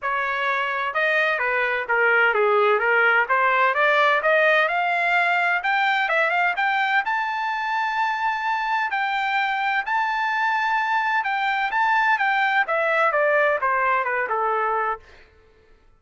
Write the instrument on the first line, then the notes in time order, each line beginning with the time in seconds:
trumpet
0.01 C#5
0.94 D#5
1.38 B4
1.88 A#4
2.34 G#4
2.79 A#4
3.28 C5
3.74 D5
4.22 D#5
4.68 F5
5.63 G5
6.09 E5
6.30 F5
6.56 G5
7.05 A5
8.90 G5
9.85 A5
11.24 G5
11.71 A5
12.18 G5
12.67 E5
13.11 D5
13.61 C5
14.04 B4
14.29 A4